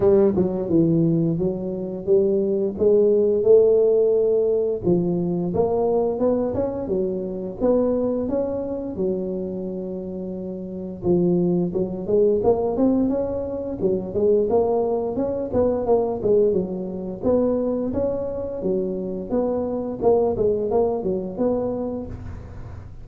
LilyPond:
\new Staff \with { instrumentName = "tuba" } { \time 4/4 \tempo 4 = 87 g8 fis8 e4 fis4 g4 | gis4 a2 f4 | ais4 b8 cis'8 fis4 b4 | cis'4 fis2. |
f4 fis8 gis8 ais8 c'8 cis'4 | fis8 gis8 ais4 cis'8 b8 ais8 gis8 | fis4 b4 cis'4 fis4 | b4 ais8 gis8 ais8 fis8 b4 | }